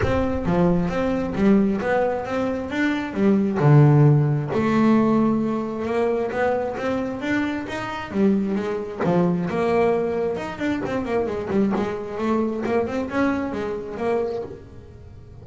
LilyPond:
\new Staff \with { instrumentName = "double bass" } { \time 4/4 \tempo 4 = 133 c'4 f4 c'4 g4 | b4 c'4 d'4 g4 | d2 a2~ | a4 ais4 b4 c'4 |
d'4 dis'4 g4 gis4 | f4 ais2 dis'8 d'8 | c'8 ais8 gis8 g8 gis4 a4 | ais8 c'8 cis'4 gis4 ais4 | }